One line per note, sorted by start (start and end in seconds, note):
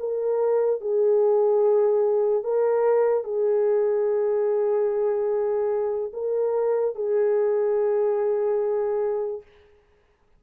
0.00 0.81 A#4
0.81 2.44 G#4
2.44 3.24 A#4
3.24 6.12 G#4
6.14 6.96 A#4
6.96 9.42 G#4